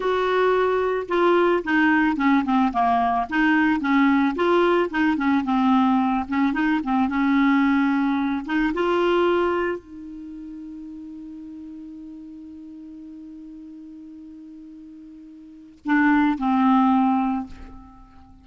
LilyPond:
\new Staff \with { instrumentName = "clarinet" } { \time 4/4 \tempo 4 = 110 fis'2 f'4 dis'4 | cis'8 c'8 ais4 dis'4 cis'4 | f'4 dis'8 cis'8 c'4. cis'8 | dis'8 c'8 cis'2~ cis'8 dis'8 |
f'2 dis'2~ | dis'1~ | dis'1~ | dis'4 d'4 c'2 | }